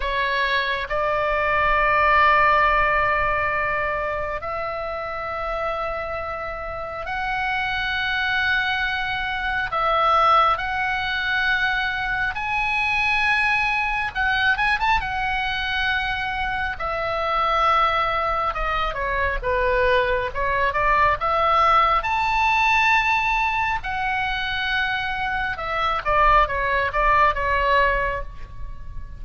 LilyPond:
\new Staff \with { instrumentName = "oboe" } { \time 4/4 \tempo 4 = 68 cis''4 d''2.~ | d''4 e''2. | fis''2. e''4 | fis''2 gis''2 |
fis''8 gis''16 a''16 fis''2 e''4~ | e''4 dis''8 cis''8 b'4 cis''8 d''8 | e''4 a''2 fis''4~ | fis''4 e''8 d''8 cis''8 d''8 cis''4 | }